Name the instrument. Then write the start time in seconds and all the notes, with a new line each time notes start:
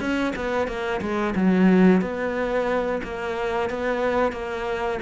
cello
0.00 C#4
0.36 B3
0.68 A#3
1.01 G#3
1.35 F#3
2.02 B3
3.04 A#3
3.70 B3
4.32 A#3